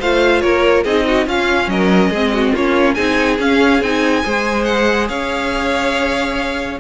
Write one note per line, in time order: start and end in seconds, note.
0.00 0.44 A3
0.00 0.86 F4
0.00 0.42 C5
0.00 0.41 F5
0.41 0.85 A#3
0.41 0.84 A#4
0.41 0.84 C#5
0.84 1.27 C4
0.84 1.28 D#4
0.84 1.05 G#4
0.84 1.27 D#5
1.07 1.27 F#4
1.27 1.67 C#4
1.27 2.14 C#4
1.27 1.70 F4
1.27 1.70 F5
1.67 2.10 F#3
1.67 2.11 A#4
1.67 2.55 D#5
2.10 2.53 G#3
2.10 2.57 C4
2.10 2.32 G#4
2.33 2.53 F#4
2.53 2.97 A#3
2.53 2.96 C#4
2.53 2.95 F4
2.53 2.94 C#5
2.94 3.39 C4
2.94 3.39 D#4
2.94 4.23 G#4
2.94 3.37 G#5
3.39 3.81 C#4
3.39 3.83 C#4
3.39 3.82 F5
3.81 4.24 C4
3.81 4.23 D#4
3.81 4.65 G#5
4.23 5.09 G#3
4.23 6.79 G#4
4.23 5.09 C5
4.65 5.07 F#5
5.09 6.80 C#4
5.09 6.80 C#5
5.09 6.79 F5